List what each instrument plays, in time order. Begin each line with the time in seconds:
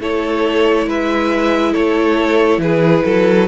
0.00 cello A3, viola E4, violin A4 C#5
0.87 cello G#3, violin B4 E5
1.73 cello A3, violin A4 C#5
2.58 cello E3, violin G#4 B4
3.05 cello F#3, violin A4